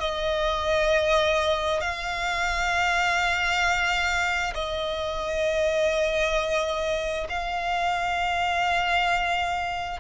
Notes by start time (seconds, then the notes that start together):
0.00 D#5
1.81 F5
4.55 D#5
7.29 F5